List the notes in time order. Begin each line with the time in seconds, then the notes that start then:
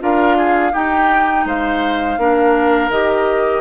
0.00 D4 F4 A#4 F5
0.37 G#4
0.73 D#4 G4 G5
1.45 G#3 C5 F5
2.18 A#3 D4 A#4
2.89 D#3 G4 D#5